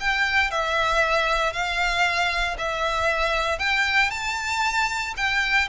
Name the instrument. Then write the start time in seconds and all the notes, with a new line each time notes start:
violin
0.00 G5
0.51 E5
1.53 F5
2.58 E5
3.59 G5
4.10 A5
5.17 G5